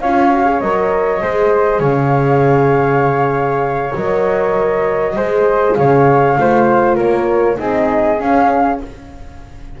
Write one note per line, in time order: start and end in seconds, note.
0.00 0.61 C#4
0.00 0.32 F4
0.00 1.22 C#5
0.00 0.60 F5
0.32 0.45 F#4
0.45 0.60 G#4
0.60 1.21 F#3
0.60 1.21 A#4
0.60 1.81 D#5
1.21 1.80 G#3
1.21 3.94 G#4
1.21 1.79 C5
1.79 3.92 C#3
1.79 5.12 C#5
1.79 3.95 F5
3.95 5.16 F#3
3.95 5.16 A#4
3.95 5.73 D#5
5.16 5.76 G#3
5.16 6.37 G#4
5.16 5.76 C5
5.73 6.37 C#3
5.73 6.39 C#5
5.73 6.95 F5
6.37 6.98 A3
6.37 7.57 F4
6.37 6.95 C5
6.95 7.58 A#3
6.95 7.56 A#4
6.95 7.58 C#5
7.57 8.19 C4
7.57 8.17 D#4
7.57 8.80 G#4
7.57 8.20 D#5
8.18 8.78 C#4
8.18 8.80 C#4
8.18 8.80 F5